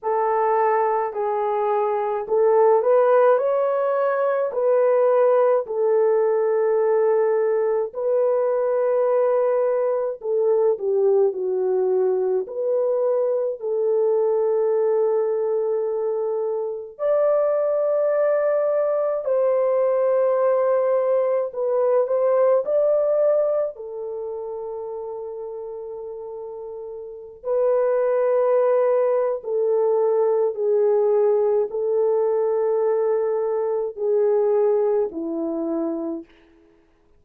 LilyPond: \new Staff \with { instrumentName = "horn" } { \time 4/4 \tempo 4 = 53 a'4 gis'4 a'8 b'8 cis''4 | b'4 a'2 b'4~ | b'4 a'8 g'8 fis'4 b'4 | a'2. d''4~ |
d''4 c''2 b'8 c''8 | d''4 a'2.~ | a'16 b'4.~ b'16 a'4 gis'4 | a'2 gis'4 e'4 | }